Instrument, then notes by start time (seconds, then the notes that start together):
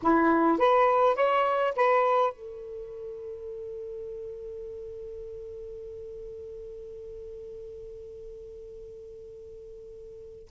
saxophone
0.02 E4
0.58 B4
1.15 C#5
1.76 B4
2.32 A4